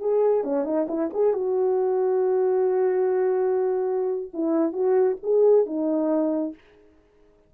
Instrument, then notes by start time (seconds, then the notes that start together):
horn
0.00 G#4
0.44 C#4
0.64 D#4
0.88 E4
1.14 G#4
1.33 F#4
4.33 E4
4.72 F#4
5.23 G#4
5.66 D#4